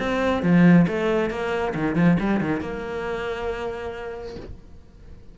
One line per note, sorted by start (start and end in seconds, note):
0.00 0.43 C4
0.43 0.87 F3
0.88 1.31 A3
1.31 1.75 A#3
1.75 1.96 D#3
1.96 2.18 F3
2.20 2.41 G3
2.41 2.61 D#3
2.61 4.36 A#3